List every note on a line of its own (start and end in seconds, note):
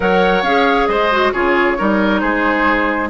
0.00 0.42 F#3
0.00 0.44 A#4
0.00 0.88 C#5
0.00 0.43 F#5
0.42 0.86 C#4
0.42 1.11 G#4
0.42 0.86 F5
0.86 1.32 G#3
0.86 1.32 C5
0.86 1.31 D#5
1.11 1.33 F#4
1.32 1.77 C#3
1.32 1.77 F4
1.32 1.77 G#4
1.32 2.20 C#5
1.77 2.22 G3
1.77 3.09 D#4
1.77 2.20 A#4
2.20 3.09 G#3
2.20 3.09 G#4
2.20 3.08 C5